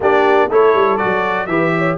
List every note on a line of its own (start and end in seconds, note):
0.00 0.48 A#3
0.00 0.50 D4
0.00 0.49 G4
0.00 0.52 D5
0.49 0.74 A3
0.49 0.98 E4
0.49 1.48 A4
0.49 0.97 C#5
0.74 0.99 G3
0.97 1.48 F#4
0.97 1.46 D5
1.04 1.47 F#3
1.46 1.97 E3
1.46 1.97 G4
1.46 1.74 B4
1.46 1.96 E5
1.77 1.97 C#5